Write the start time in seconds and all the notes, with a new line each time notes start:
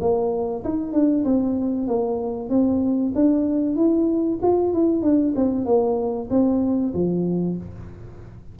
0.00 A#3
0.64 D#4
0.92 D4
1.24 C4
1.87 A#3
2.49 C4
3.15 D4
3.76 E4
4.42 F4
4.73 E4
5.02 D4
5.35 C4
5.65 A#3
6.30 C4
6.94 F3